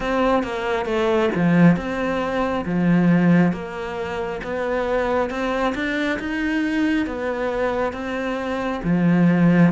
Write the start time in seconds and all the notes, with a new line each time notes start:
0.00 C4
0.43 A#3
0.85 A3
1.35 F3
1.76 C4
2.65 F3
3.52 A#3
4.44 B3
5.29 C4
5.74 D4
6.19 D#4
7.06 B3
7.93 C4
8.83 F3